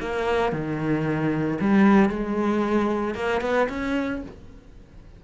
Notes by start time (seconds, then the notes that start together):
0.00 A#3
0.52 D#3
1.60 G3
2.09 G#3
3.14 A#3
3.41 B3
3.69 C#4